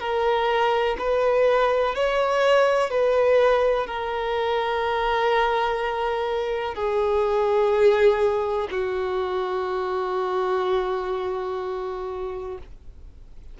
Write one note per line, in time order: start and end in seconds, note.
0.00 0.97 A#4
0.99 1.95 B4
1.95 2.90 C#5
2.90 3.87 B4
3.87 6.75 A#4
6.75 8.68 G#4
8.71 12.58 F#4